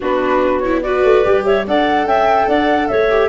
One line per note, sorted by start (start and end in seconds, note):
0.00 1.04 B3
0.00 0.63 D4
0.00 0.82 F#4
0.00 0.59 B4
0.59 0.84 E4
0.59 0.80 C#5
0.82 1.24 F#4
0.82 1.46 B4
0.82 1.44 D5
1.04 1.24 A3
1.24 1.66 G3
1.24 1.65 G4
1.44 1.66 C#5
1.44 1.65 E5
1.66 2.04 D4
1.66 3.10 A4
1.66 2.07 D5
1.66 2.07 F#5
2.04 2.46 C#4
2.04 2.48 E5
2.04 2.48 G5
2.47 2.89 D4
2.47 2.89 D5
2.47 2.87 F#5
2.87 3.29 A3
2.87 3.29 C#5
2.87 3.29 E5
3.10 3.29 G4